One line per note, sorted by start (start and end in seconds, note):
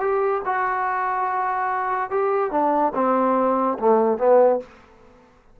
0.00 0.42 G4
0.45 2.10 F#4
2.10 2.51 G4
2.51 2.93 D4
2.95 3.78 C4
3.79 4.18 A3
4.18 4.59 B3